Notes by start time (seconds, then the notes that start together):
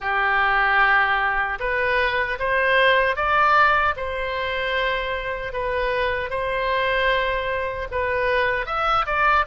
0.00 G4
1.59 B4
2.39 C5
3.15 D5
3.96 C5
5.52 B4
6.29 C5
7.91 B4
8.66 E5
9.06 D5